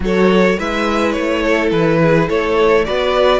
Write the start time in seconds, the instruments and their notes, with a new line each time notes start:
0.00 cello F#3, viola F#4, violin A4 C#5
0.57 cello G#3, viola E4, violin B4 E5
1.12 cello A3, violin C#5
1.41 violin A4
1.71 cello E3, violin B4
2.01 violin G#4
2.28 cello A3, violin A4 C#5
2.85 cello B3, viola F#4, violin B4 D5